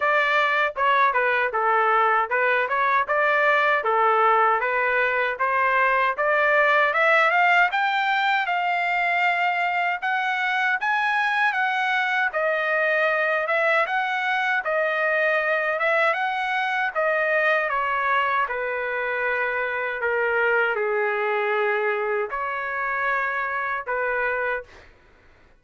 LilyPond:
\new Staff \with { instrumentName = "trumpet" } { \time 4/4 \tempo 4 = 78 d''4 cis''8 b'8 a'4 b'8 cis''8 | d''4 a'4 b'4 c''4 | d''4 e''8 f''8 g''4 f''4~ | f''4 fis''4 gis''4 fis''4 |
dis''4. e''8 fis''4 dis''4~ | dis''8 e''8 fis''4 dis''4 cis''4 | b'2 ais'4 gis'4~ | gis'4 cis''2 b'4 | }